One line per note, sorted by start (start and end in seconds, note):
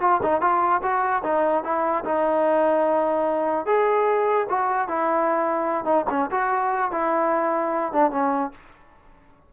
0.00 0.20 F4
0.22 0.41 D#4
0.41 0.81 F4
0.82 1.23 F#4
1.23 1.64 D#4
1.64 2.04 E4
2.04 3.66 D#4
3.66 4.47 G#4
4.49 4.88 F#4
4.88 5.84 E4
5.84 6.05 D#4
6.10 6.30 C#4
6.31 6.91 F#4
6.91 7.92 E4
7.92 8.11 D4
8.11 8.51 C#4